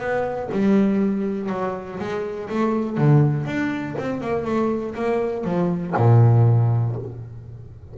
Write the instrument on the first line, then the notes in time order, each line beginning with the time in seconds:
double bass
0.00 B3
0.53 G3
1.50 F#3
2.00 G#3
2.50 A3
2.98 D3
3.46 D4
3.99 C4
4.21 A#3
4.45 A3
4.95 A#3
5.45 F3
5.97 A#2